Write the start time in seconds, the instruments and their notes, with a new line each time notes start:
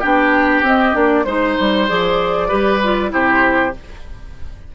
0.00 bassoon B3, clarinet D4, oboe G4, flute G5
0.62 bassoon C4, clarinet C4, flute D#5
0.93 bassoon A#3, clarinet D4, flute D5
1.24 bassoon G#3, clarinet D#4, flute C5, oboe C5
1.59 bassoon G3
1.88 bassoon F3, clarinet G#4, flute D5
2.48 bassoon G3, clarinet G4, oboe B4
2.83 clarinet F4
3.09 bassoon C3, clarinet E4, oboe G4, flute C5